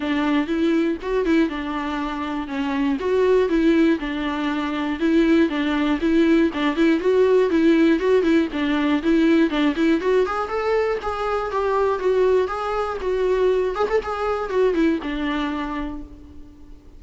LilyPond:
\new Staff \with { instrumentName = "viola" } { \time 4/4 \tempo 4 = 120 d'4 e'4 fis'8 e'8 d'4~ | d'4 cis'4 fis'4 e'4 | d'2 e'4 d'4 | e'4 d'8 e'8 fis'4 e'4 |
fis'8 e'8 d'4 e'4 d'8 e'8 | fis'8 gis'8 a'4 gis'4 g'4 | fis'4 gis'4 fis'4. gis'16 a'16 | gis'4 fis'8 e'8 d'2 | }